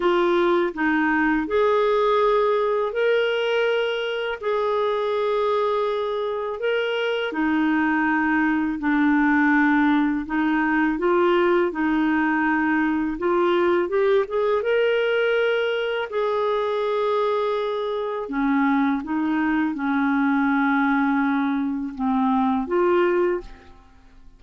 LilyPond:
\new Staff \with { instrumentName = "clarinet" } { \time 4/4 \tempo 4 = 82 f'4 dis'4 gis'2 | ais'2 gis'2~ | gis'4 ais'4 dis'2 | d'2 dis'4 f'4 |
dis'2 f'4 g'8 gis'8 | ais'2 gis'2~ | gis'4 cis'4 dis'4 cis'4~ | cis'2 c'4 f'4 | }